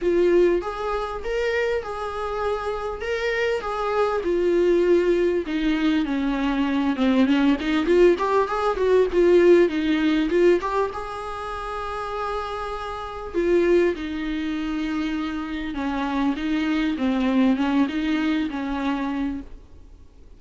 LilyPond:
\new Staff \with { instrumentName = "viola" } { \time 4/4 \tempo 4 = 99 f'4 gis'4 ais'4 gis'4~ | gis'4 ais'4 gis'4 f'4~ | f'4 dis'4 cis'4. c'8 | cis'8 dis'8 f'8 g'8 gis'8 fis'8 f'4 |
dis'4 f'8 g'8 gis'2~ | gis'2 f'4 dis'4~ | dis'2 cis'4 dis'4 | c'4 cis'8 dis'4 cis'4. | }